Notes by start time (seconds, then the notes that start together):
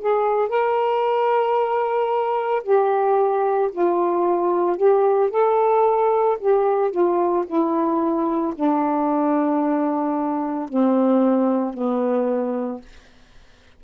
0.00 G#4
0.49 A#4
2.63 G4
3.73 F4
4.77 G4
5.30 A4
6.40 G4
6.92 F4
7.47 E4
8.56 D4
10.69 C4
11.74 B3